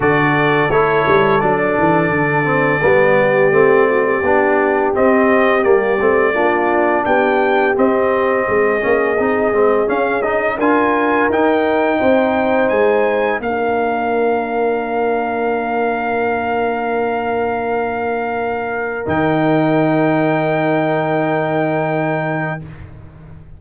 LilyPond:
<<
  \new Staff \with { instrumentName = "trumpet" } { \time 4/4 \tempo 4 = 85 d''4 cis''4 d''2~ | d''2. dis''4 | d''2 g''4 dis''4~ | dis''2 f''8 dis''8 gis''4 |
g''2 gis''4 f''4~ | f''1~ | f''2. g''4~ | g''1 | }
  \new Staff \with { instrumentName = "horn" } { \time 4/4 a'1~ | a'8 g'4 fis'16 g'2~ g'16~ | g'4 f'4 g'2 | gis'2. ais'4~ |
ais'4 c''2 ais'4~ | ais'1~ | ais'1~ | ais'1 | }
  \new Staff \with { instrumentName = "trombone" } { \time 4/4 fis'4 e'4 d'4. c'8 | b4 c'4 d'4 c'4 | ais8 c'8 d'2 c'4~ | c'8 cis'8 dis'8 c'8 cis'8 dis'8 f'4 |
dis'2. d'4~ | d'1~ | d'2. dis'4~ | dis'1 | }
  \new Staff \with { instrumentName = "tuba" } { \time 4/4 d4 a8 g8 fis8 e8 d4 | g4 a4 b4 c'4 | g8 a8 ais4 b4 c'4 | gis8 ais8 c'8 gis8 cis'4 d'4 |
dis'4 c'4 gis4 ais4~ | ais1~ | ais2. dis4~ | dis1 | }
>>